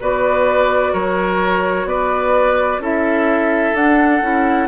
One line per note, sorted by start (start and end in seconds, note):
0.00 0.93 B3
0.00 2.81 F#4
0.00 0.93 B4
0.00 0.94 D5
0.93 1.85 F#3
0.93 1.86 A#4
0.93 1.88 C#5
1.85 2.78 B3
1.85 2.81 B4
1.85 2.81 D5
2.78 3.72 C#4
2.78 3.75 E4
2.78 4.68 A4
2.78 3.76 E5
3.74 4.21 D4
3.74 4.22 D4
3.74 4.68 F#5
4.21 4.68 C#4
4.21 4.68 E4